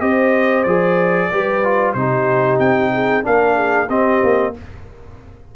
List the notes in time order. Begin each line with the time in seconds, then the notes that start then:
0.00 C4 G4 C5 D#5
0.63 F3 G#4 D5
1.31 G3 G4 B4
1.64 F4
1.93 C3 D#4 G4 C5
2.59 C4 G5
2.92 G#4
3.23 A#3 D4 A#4 F5
3.56 G#4
3.89 C4 G4 D#5
4.23 A#3